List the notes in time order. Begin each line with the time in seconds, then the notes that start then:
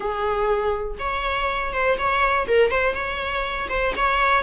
0.00 G#4
0.99 C#5
1.73 C5
1.98 C#5
2.47 A#4
2.70 C5
2.94 C#5
3.69 C5
3.96 C#5